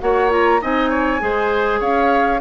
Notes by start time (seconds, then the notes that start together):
0.00 A#3 F#4 C#5 F#5
0.30 F4 A#5
0.62 C4 D#4 D#5 G#5
0.90 C#5
1.20 G#3 G#4 C5
1.80 C#4 C#5 F5